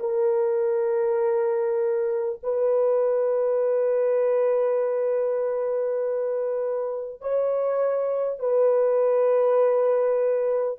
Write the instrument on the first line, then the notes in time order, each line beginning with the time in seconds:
horn
0.00 A#4
2.43 B4
7.21 C#5
8.39 B4